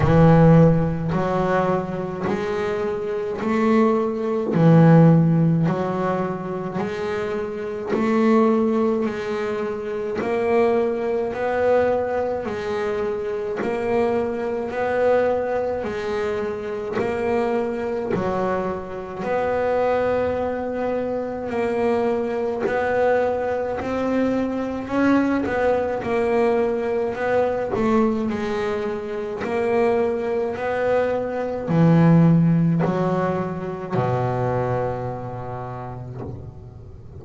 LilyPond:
\new Staff \with { instrumentName = "double bass" } { \time 4/4 \tempo 4 = 53 e4 fis4 gis4 a4 | e4 fis4 gis4 a4 | gis4 ais4 b4 gis4 | ais4 b4 gis4 ais4 |
fis4 b2 ais4 | b4 c'4 cis'8 b8 ais4 | b8 a8 gis4 ais4 b4 | e4 fis4 b,2 | }